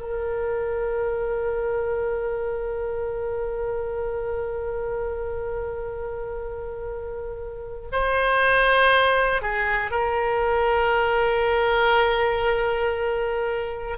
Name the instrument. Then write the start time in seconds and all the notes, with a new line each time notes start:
oboe
0.00 A#4
7.92 C5
9.42 G#4
9.91 A#4